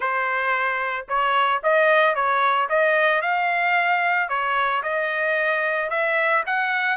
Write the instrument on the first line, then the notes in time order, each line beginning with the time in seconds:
trumpet
0.00 C5
1.08 C#5
1.63 D#5
2.15 C#5
2.69 D#5
3.21 F5
4.28 C#5
4.82 D#5
5.90 E5
6.46 F#5